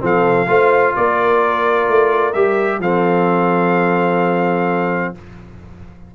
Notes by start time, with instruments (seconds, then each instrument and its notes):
0.00 tuba F3, trombone C4, horn A4, trumpet F5
0.47 tuba A3, trombone F4, horn C5
0.96 tuba A#3, horn A#4, trumpet D5
1.89 tuba A3
2.33 tuba G3, trombone G4, trumpet E5
2.79 tuba F3, trombone C4, horn A4, trumpet F5